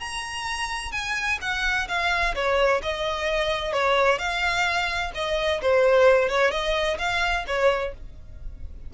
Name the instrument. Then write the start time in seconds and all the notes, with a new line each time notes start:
violin
0.00 A#5
0.92 G#5
1.42 F#5
1.89 F5
2.35 C#5
2.83 D#5
3.73 C#5
4.19 F5
5.15 D#5
5.62 C5
6.29 C#5
6.51 D#5
6.99 F5
7.47 C#5